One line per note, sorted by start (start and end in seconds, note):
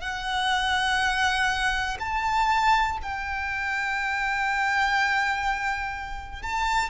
0.00 1.97 F#5
1.99 2.98 A5
3.02 6.42 G5
6.42 6.89 A5